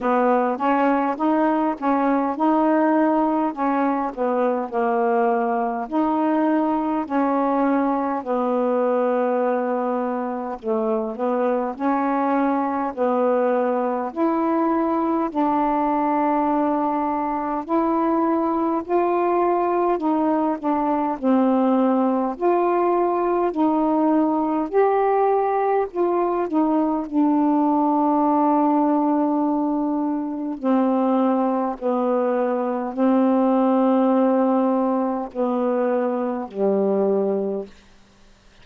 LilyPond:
\new Staff \with { instrumentName = "saxophone" } { \time 4/4 \tempo 4 = 51 b8 cis'8 dis'8 cis'8 dis'4 cis'8 b8 | ais4 dis'4 cis'4 b4~ | b4 a8 b8 cis'4 b4 | e'4 d'2 e'4 |
f'4 dis'8 d'8 c'4 f'4 | dis'4 g'4 f'8 dis'8 d'4~ | d'2 c'4 b4 | c'2 b4 g4 | }